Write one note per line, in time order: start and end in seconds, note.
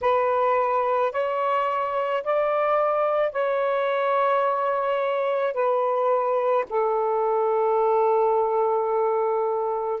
0.01 1.12 B4
1.12 2.23 C#5
2.23 3.32 D5
3.32 5.53 C#5
5.53 6.64 B4
6.69 10.00 A4